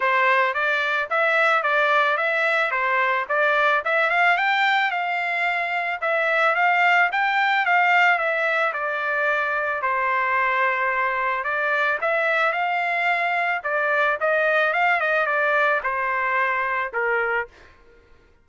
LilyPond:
\new Staff \with { instrumentName = "trumpet" } { \time 4/4 \tempo 4 = 110 c''4 d''4 e''4 d''4 | e''4 c''4 d''4 e''8 f''8 | g''4 f''2 e''4 | f''4 g''4 f''4 e''4 |
d''2 c''2~ | c''4 d''4 e''4 f''4~ | f''4 d''4 dis''4 f''8 dis''8 | d''4 c''2 ais'4 | }